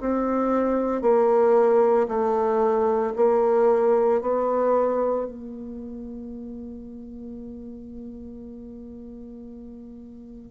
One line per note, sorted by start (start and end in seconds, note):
0.00 1.02 C4
1.02 2.07 A#3
2.08 3.13 A3
3.16 4.21 A#3
4.21 5.26 B3
5.26 10.51 A#3